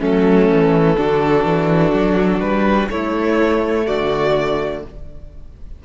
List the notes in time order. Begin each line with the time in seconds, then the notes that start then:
0.00 F#3 A3 C#4 A4
0.51 E3
0.97 D3 D4 F#4
1.44 E3
1.93 F#3
2.40 G3 B4
2.89 A3 E4 C#5
3.86 D3 F#4 D5